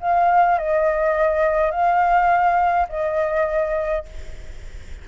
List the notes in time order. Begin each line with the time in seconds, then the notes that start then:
0.00 F5
0.58 D#5
1.71 F5
2.89 D#5